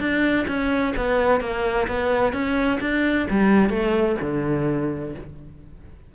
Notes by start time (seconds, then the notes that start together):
0.00 D4
0.48 C#4
0.97 B3
1.41 A#3
1.88 B3
2.33 C#4
2.81 D4
3.30 G3
3.70 A3
4.22 D3